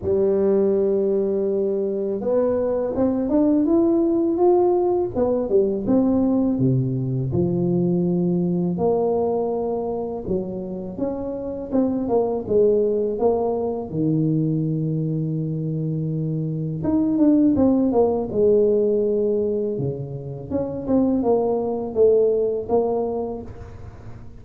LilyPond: \new Staff \with { instrumentName = "tuba" } { \time 4/4 \tempo 4 = 82 g2. b4 | c'8 d'8 e'4 f'4 b8 g8 | c'4 c4 f2 | ais2 fis4 cis'4 |
c'8 ais8 gis4 ais4 dis4~ | dis2. dis'8 d'8 | c'8 ais8 gis2 cis4 | cis'8 c'8 ais4 a4 ais4 | }